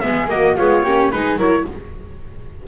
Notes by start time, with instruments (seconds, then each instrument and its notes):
0.00 double bass G#3, viola B3, flute G#4, trumpet E5
0.27 viola A#3, double bass A#3, flute F#4, trumpet D#5
0.56 viola G#3, double bass B3, flute F4, trumpet C#5
0.83 double bass A#3, viola C#4, flute G4
1.11 double bass G#3, viola D#4, flute G#4, trumpet B4
1.36 double bass F#3, viola E4, flute A#4, trumpet C#5